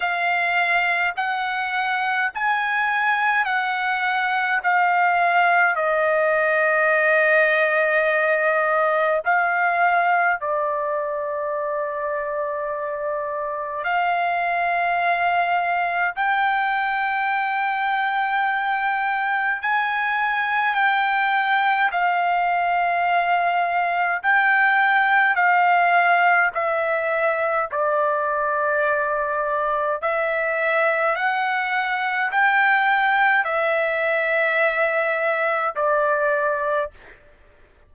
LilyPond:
\new Staff \with { instrumentName = "trumpet" } { \time 4/4 \tempo 4 = 52 f''4 fis''4 gis''4 fis''4 | f''4 dis''2. | f''4 d''2. | f''2 g''2~ |
g''4 gis''4 g''4 f''4~ | f''4 g''4 f''4 e''4 | d''2 e''4 fis''4 | g''4 e''2 d''4 | }